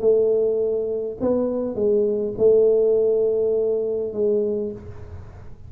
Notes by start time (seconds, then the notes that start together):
0.00 A3
1.21 B3
1.75 G#3
2.38 A3
4.13 G#3